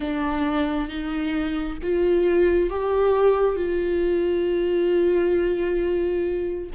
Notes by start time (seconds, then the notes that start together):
0.00 D4
0.88 D#4
1.82 F4
2.70 G4
3.56 F4